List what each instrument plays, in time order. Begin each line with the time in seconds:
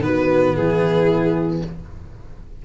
0.00 tuba D#3, cello B3, horn F#4, violin B4
0.55 tuba E3, horn E4, violin G#4